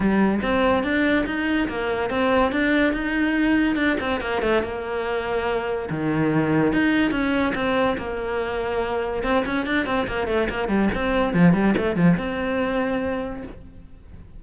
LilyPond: \new Staff \with { instrumentName = "cello" } { \time 4/4 \tempo 4 = 143 g4 c'4 d'4 dis'4 | ais4 c'4 d'4 dis'4~ | dis'4 d'8 c'8 ais8 a8 ais4~ | ais2 dis2 |
dis'4 cis'4 c'4 ais4~ | ais2 c'8 cis'8 d'8 c'8 | ais8 a8 ais8 g8 c'4 f8 g8 | a8 f8 c'2. | }